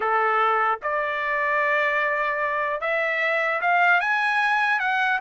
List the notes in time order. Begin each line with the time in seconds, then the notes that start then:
0.00 A4
0.82 D5
2.80 E5
3.61 F5
4.00 G#5
4.79 F#5